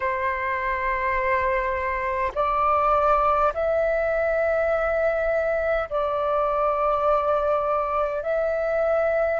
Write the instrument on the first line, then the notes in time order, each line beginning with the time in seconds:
flute
0.00 C5
2.35 D5
3.53 E5
5.89 D5
8.22 E5